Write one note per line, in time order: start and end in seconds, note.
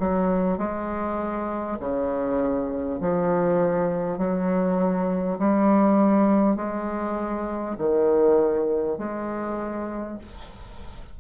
0.00 0.59 F#3
0.59 1.79 G#3
1.80 3.00 C#3
3.01 4.19 F3
4.19 5.39 F#3
5.39 6.56 G3
6.56 7.76 G#3
7.78 8.98 D#3
8.99 10.19 G#3